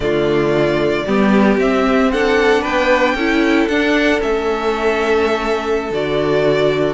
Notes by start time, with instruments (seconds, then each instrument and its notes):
0.00 cello D3, viola A3, violin F4 D5
1.06 cello G3, viola B3, violin G4
1.57 cello C4, viola C4, violin E5
2.11 viola D4, violin A4 F#5
2.61 cello B3, violin B4 G5
3.14 cello C#4, viola E4, violin A4
3.67 cello D4, viola D4, violin F#5
4.20 cello A3, viola C#4, violin E5
5.90 cello D3, viola F#4, violin D5